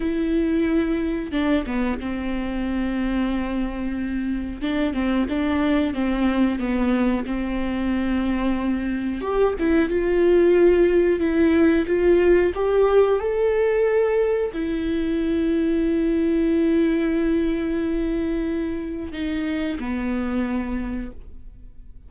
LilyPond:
\new Staff \with { instrumentName = "viola" } { \time 4/4 \tempo 4 = 91 e'2 d'8 b8 c'4~ | c'2. d'8 c'8 | d'4 c'4 b4 c'4~ | c'2 g'8 e'8 f'4~ |
f'4 e'4 f'4 g'4 | a'2 e'2~ | e'1~ | e'4 dis'4 b2 | }